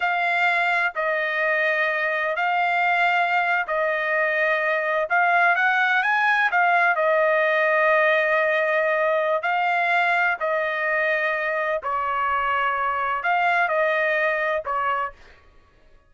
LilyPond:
\new Staff \with { instrumentName = "trumpet" } { \time 4/4 \tempo 4 = 127 f''2 dis''2~ | dis''4 f''2~ f''8. dis''16~ | dis''2~ dis''8. f''4 fis''16~ | fis''8. gis''4 f''4 dis''4~ dis''16~ |
dis''1 | f''2 dis''2~ | dis''4 cis''2. | f''4 dis''2 cis''4 | }